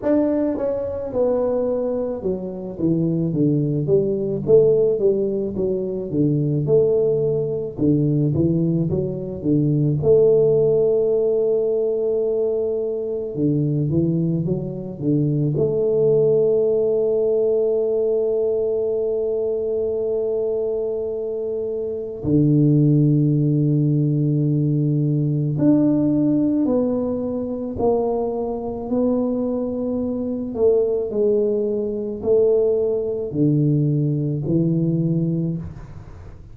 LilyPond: \new Staff \with { instrumentName = "tuba" } { \time 4/4 \tempo 4 = 54 d'8 cis'8 b4 fis8 e8 d8 g8 | a8 g8 fis8 d8 a4 d8 e8 | fis8 d8 a2. | d8 e8 fis8 d8 a2~ |
a1 | d2. d'4 | b4 ais4 b4. a8 | gis4 a4 d4 e4 | }